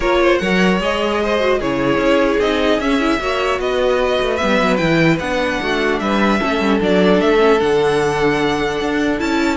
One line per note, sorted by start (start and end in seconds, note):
0.00 0.39 A#3
0.00 0.41 F4
0.00 0.19 A#4
0.00 0.37 C#5
0.22 0.41 C5
0.37 0.79 F#3
0.37 0.80 A#4
0.37 1.21 C#5
0.37 0.77 F#5
0.79 1.59 G#3
0.79 1.39 G#4
0.79 1.61 D#5
1.23 1.59 C5
1.39 1.59 F#4
1.59 1.96 C#3
1.59 2.40 E4
1.59 3.19 G#4
1.59 2.40 C#5
1.96 2.36 C#4
2.38 2.78 C4
2.38 2.80 D#4
2.38 2.79 D#5
2.79 3.19 C#4
2.79 3.00 C#4
2.79 3.59 E5
3.00 3.19 E4
3.19 3.59 A#3
3.19 4.38 F#4
3.19 3.60 C#5
3.59 4.19 B3
3.59 5.61 B4
3.59 4.36 D#5
4.21 4.41 A3
4.36 4.78 B3
4.36 4.76 E5
4.42 4.61 G3
4.61 4.81 F#3
4.77 5.19 E3
4.77 5.18 E4
4.77 5.17 G5
5.19 5.59 B3
5.19 6.40 D4
5.19 5.99 F#5
5.61 6.00 A3
5.61 6.01 F#4
5.99 6.40 G3
5.99 6.39 B4
5.99 6.79 E5
6.39 6.60 A3
6.39 6.79 C#4
6.39 9.56 A4
6.60 6.80 G3
6.79 7.21 F#3
6.79 7.37 D4
6.79 7.20 D5
7.20 7.61 A3
7.20 7.60 E5
7.37 7.57 C#4
7.59 8.81 D3
7.59 9.18 D4
7.59 9.19 F#5
8.81 9.21 D4
9.18 9.56 C#4
9.18 9.56 E4
9.18 9.56 A5